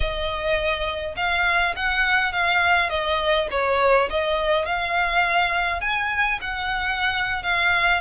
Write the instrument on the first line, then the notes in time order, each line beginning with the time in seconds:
violin
0.00 D#5
1.16 F5
1.76 F#5
2.32 F5
2.89 D#5
3.50 C#5
4.09 D#5
4.65 F5
5.81 G#5
6.41 F#5
7.42 F5